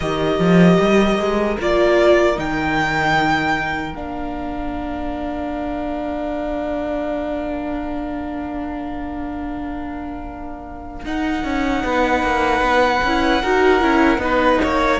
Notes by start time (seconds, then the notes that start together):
0.00 D#3 G4 A#4 D#5
0.38 F3
0.79 G3
1.18 G#3
1.59 A#3 F4 D5
2.35 D#3 D#4 G5
3.93 A#3 D4 F5
11.04 D#4 F#5
11.44 C#4
11.83 B3 B4
12.22 A#3
12.61 B3
13.03 C#4 E4
13.41 D#4 F#4 A#4
13.80 C#4 E4
14.17 B3 D#4 B4
14.62 A#3 C#5